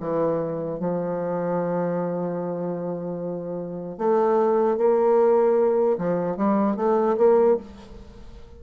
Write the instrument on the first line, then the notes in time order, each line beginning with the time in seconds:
bassoon
0.00 E3
0.79 F3
3.98 A3
4.77 A#3
5.98 F3
6.37 G3
6.76 A3
7.17 A#3